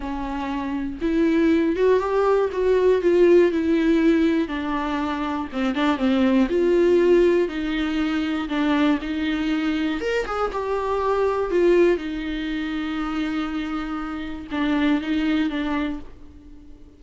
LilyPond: \new Staff \with { instrumentName = "viola" } { \time 4/4 \tempo 4 = 120 cis'2 e'4. fis'8 | g'4 fis'4 f'4 e'4~ | e'4 d'2 c'8 d'8 | c'4 f'2 dis'4~ |
dis'4 d'4 dis'2 | ais'8 gis'8 g'2 f'4 | dis'1~ | dis'4 d'4 dis'4 d'4 | }